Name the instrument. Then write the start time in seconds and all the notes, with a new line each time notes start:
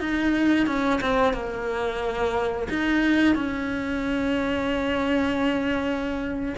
cello
0.00 D#4
0.67 C#4
1.01 C4
1.34 A#3
2.69 D#4
3.35 C#4